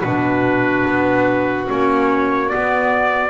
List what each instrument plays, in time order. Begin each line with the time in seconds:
0.00 double bass B2, clarinet D4, violin F#4, trumpet B4
0.86 double bass B3
1.66 double bass A#3, clarinet C#4, trumpet C#5
2.48 clarinet B3, double bass B3, trumpet D5